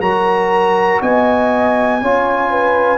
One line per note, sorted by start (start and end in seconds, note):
0.00 1.00 F#3
0.00 2.01 F#4
0.00 1.01 A#4
0.00 1.01 A#5
1.01 2.01 B3
1.01 2.01 D#5
1.01 2.98 G#5
2.01 2.98 C#4
2.01 2.98 F4
2.01 2.50 C#5
2.50 2.98 B4